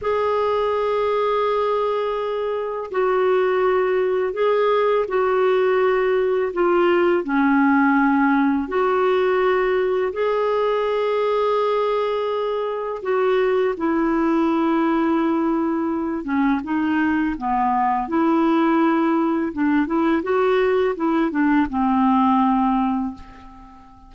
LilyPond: \new Staff \with { instrumentName = "clarinet" } { \time 4/4 \tempo 4 = 83 gis'1 | fis'2 gis'4 fis'4~ | fis'4 f'4 cis'2 | fis'2 gis'2~ |
gis'2 fis'4 e'4~ | e'2~ e'8 cis'8 dis'4 | b4 e'2 d'8 e'8 | fis'4 e'8 d'8 c'2 | }